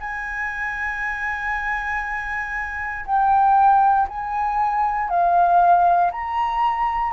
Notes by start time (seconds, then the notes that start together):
0.00 G#5
3.06 G5
4.08 G#5
5.09 F5
6.11 A#5